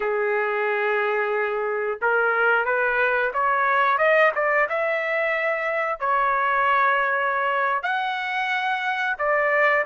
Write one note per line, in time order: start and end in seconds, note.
0.00 1.99 G#4
2.01 2.65 A#4
2.65 3.32 B4
3.33 3.98 C#5
3.98 4.31 D#5
4.35 4.68 D5
4.69 5.99 E5
5.99 7.82 C#5
7.82 9.16 F#5
9.18 9.85 D5